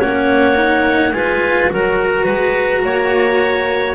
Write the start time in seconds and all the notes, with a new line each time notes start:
0.00 A#3 C#4 C#5 F#5
0.56 D#4
1.13 G#3 F4 B4 G#5
1.71 F#3 F#4 A#4 A#5
2.25 G#3 B4
2.84 A#3 C#5